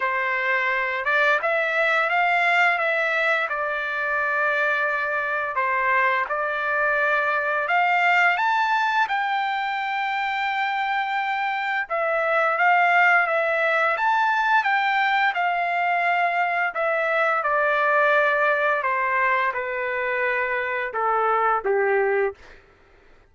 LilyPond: \new Staff \with { instrumentName = "trumpet" } { \time 4/4 \tempo 4 = 86 c''4. d''8 e''4 f''4 | e''4 d''2. | c''4 d''2 f''4 | a''4 g''2.~ |
g''4 e''4 f''4 e''4 | a''4 g''4 f''2 | e''4 d''2 c''4 | b'2 a'4 g'4 | }